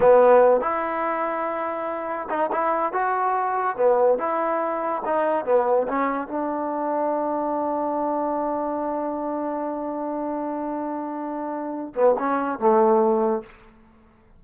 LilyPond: \new Staff \with { instrumentName = "trombone" } { \time 4/4 \tempo 4 = 143 b4. e'2~ e'8~ | e'4. dis'8 e'4 fis'4~ | fis'4 b4 e'2 | dis'4 b4 cis'4 d'4~ |
d'1~ | d'1~ | d'1~ | d'8 b8 cis'4 a2 | }